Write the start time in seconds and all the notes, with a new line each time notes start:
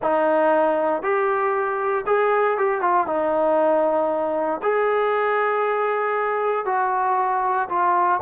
0.02 D#4
1.02 G4
2.06 G#4
2.57 G4
2.81 F4
3.07 D#4
4.62 G#4
6.65 F#4
7.69 F4